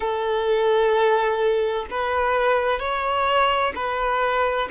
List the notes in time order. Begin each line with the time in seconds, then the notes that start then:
0.00 A4
1.90 B4
2.79 C#5
3.75 B4